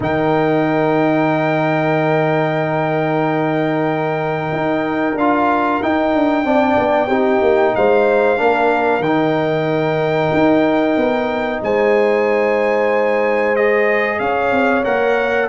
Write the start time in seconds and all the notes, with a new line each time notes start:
0.00 D#3 D#4 A#4 G5
4.52 D#4
5.14 D4 F4 F5
5.82 D#4 G5
6.14 D4
6.44 C4 D4 D5
6.77 B3
7.07 C4 D#4 G4
7.41 A#3
7.75 G#3 C5 F5
8.37 A#3 D4 A#4
8.99 D#3 D#4 G5
10.33 D#4
10.96 B3
11.62 G#3 C5 G#5
13.56 G#4 D#5
14.19 C#4 C#5 F5
14.51 C4
14.84 A#3 A#4 F#5